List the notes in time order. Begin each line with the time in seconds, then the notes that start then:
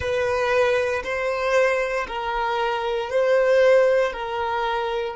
0.00 B4
1.03 C5
2.07 A#4
3.10 C5
4.12 A#4